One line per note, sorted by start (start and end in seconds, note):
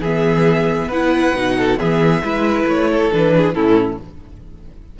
0.00 0.88 E3
0.00 0.92 B3
0.00 0.88 G#4
0.00 0.92 E5
0.88 1.32 B3
0.88 1.36 E4
0.88 1.54 B4
0.88 1.79 F#5
1.35 1.79 B2
1.35 1.79 D#4
1.57 1.79 A4
1.79 2.22 E3
1.79 2.23 B3
1.79 2.23 G#4
1.79 2.67 E5
2.22 2.64 G#3
2.22 3.11 E4
2.22 2.91 B4
2.64 3.09 A3
2.64 3.13 C#5
2.91 3.35 A4
3.12 3.55 E3
3.12 3.54 D4
3.12 3.54 B4
3.37 3.55 G#4
3.54 3.99 A2
3.54 3.98 C#4
3.54 3.99 E4
3.54 3.98 A4